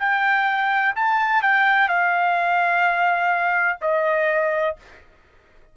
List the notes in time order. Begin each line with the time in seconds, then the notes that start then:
0.00 G5
0.96 A5
1.43 G5
1.89 F5
3.82 D#5